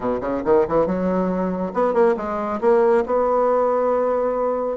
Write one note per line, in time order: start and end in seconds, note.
0.00 0.19 B2
0.20 0.42 C#3
0.44 0.66 D#3
0.67 0.86 E3
0.86 1.72 F#3
1.73 1.93 B3
1.93 2.15 A#3
2.16 2.60 G#3
2.60 3.04 A#3
3.05 4.77 B3